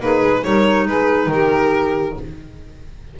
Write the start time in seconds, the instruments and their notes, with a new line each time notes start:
0.00 double bass A#3, saxophone D#4, clarinet G#4, violin B4
0.22 double bass G#3
0.42 double bass G3, clarinet D#4, saxophone A#4, violin C#5
0.86 double bass G#3, saxophone G#4, violin B4
1.26 double bass D#3, saxophone G4
1.33 violin A#4